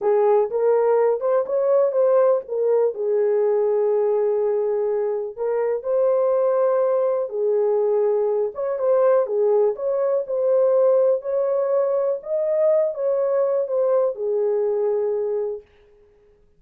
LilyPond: \new Staff \with { instrumentName = "horn" } { \time 4/4 \tempo 4 = 123 gis'4 ais'4. c''8 cis''4 | c''4 ais'4 gis'2~ | gis'2. ais'4 | c''2. gis'4~ |
gis'4. cis''8 c''4 gis'4 | cis''4 c''2 cis''4~ | cis''4 dis''4. cis''4. | c''4 gis'2. | }